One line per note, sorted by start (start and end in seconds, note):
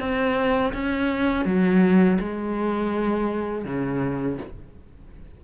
0.00 0.73 C4
0.74 1.45 C#4
1.45 2.19 F#3
2.20 3.65 G#3
3.65 4.38 C#3